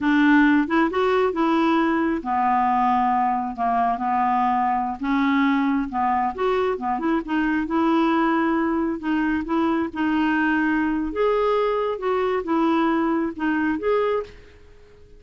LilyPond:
\new Staff \with { instrumentName = "clarinet" } { \time 4/4 \tempo 4 = 135 d'4. e'8 fis'4 e'4~ | e'4 b2. | ais4 b2~ b16 cis'8.~ | cis'4~ cis'16 b4 fis'4 b8 e'16~ |
e'16 dis'4 e'2~ e'8.~ | e'16 dis'4 e'4 dis'4.~ dis'16~ | dis'4 gis'2 fis'4 | e'2 dis'4 gis'4 | }